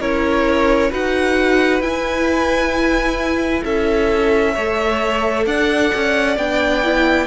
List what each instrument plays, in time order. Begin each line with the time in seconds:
0.00 cello C#4, viola E4, violin A#4 C#5
0.91 cello D#4, viola F#4, violin B4 F#5
1.81 cello E4, viola E4, violin G#5
3.65 cello C#4, violin A4 E5
4.54 cello A3, viola A4, violin C#5
5.46 cello D4, violin D5 F#5
5.95 cello C#4
6.37 cello B3, viola D4, violin G5
6.84 viola E4